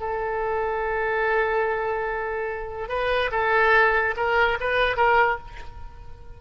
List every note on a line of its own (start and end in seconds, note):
0.00 2.89 A4
2.89 3.31 B4
3.32 4.15 A4
4.17 4.59 A#4
4.61 4.97 B4
4.97 5.38 A#4